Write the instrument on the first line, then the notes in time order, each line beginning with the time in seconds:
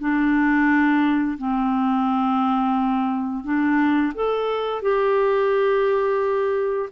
clarinet
0.00 D4
1.39 C4
3.44 D4
4.15 A4
4.83 G4